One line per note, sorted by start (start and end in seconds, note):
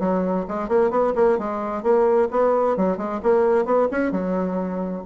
0.00 0.46 F#3
0.48 0.68 G#3
0.68 0.91 A#3
0.91 1.14 B3
1.16 1.38 A#3
1.38 1.83 G#3
1.83 2.29 A#3
2.31 2.77 B3
2.77 2.98 F#3
2.98 3.20 G#3
3.23 3.65 A#3
3.65 3.88 B3
3.91 4.12 C#4
4.12 5.03 F#3